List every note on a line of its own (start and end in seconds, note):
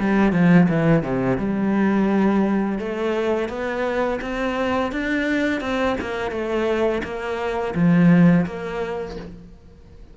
0.00 0.32 G3
0.32 0.68 F3
0.69 1.03 E3
1.03 1.38 C3
1.38 2.79 G3
2.79 3.49 A3
3.49 4.20 B3
4.21 4.92 C4
4.92 5.61 D4
5.61 5.96 C4
6.01 6.31 A#3
6.31 7.02 A3
7.04 7.74 A#3
7.75 8.46 F3
8.46 9.17 A#3